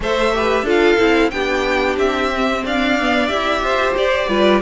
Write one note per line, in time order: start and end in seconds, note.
0.00 0.62 A3
0.00 0.31 A4
0.00 0.34 C5
0.00 0.68 E5
0.34 0.66 G4
0.34 0.65 B4
0.62 0.95 D4
0.62 0.98 F4
0.62 1.30 A4
0.69 1.30 F5
0.98 1.32 C4
0.98 1.31 E4
1.30 1.96 B3
1.30 2.31 D4
1.30 2.64 G4
1.30 1.96 G5
1.96 2.62 C4
1.96 2.64 E5
2.34 2.99 C4
2.64 3.31 D4
2.64 3.63 D5
2.64 3.27 F5
2.99 3.28 B3
3.27 3.62 E4
3.27 4.27 G4
3.27 3.93 E5
3.62 3.95 F4
3.62 4.28 C5
3.97 4.28 G4
3.97 4.61 D5
4.28 4.61 G3
4.28 4.61 F4
4.28 4.61 B4